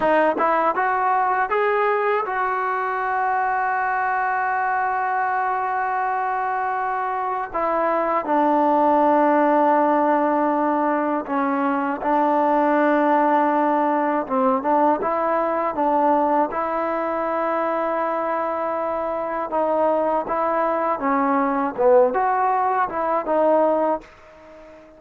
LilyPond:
\new Staff \with { instrumentName = "trombone" } { \time 4/4 \tempo 4 = 80 dis'8 e'8 fis'4 gis'4 fis'4~ | fis'1~ | fis'2 e'4 d'4~ | d'2. cis'4 |
d'2. c'8 d'8 | e'4 d'4 e'2~ | e'2 dis'4 e'4 | cis'4 b8 fis'4 e'8 dis'4 | }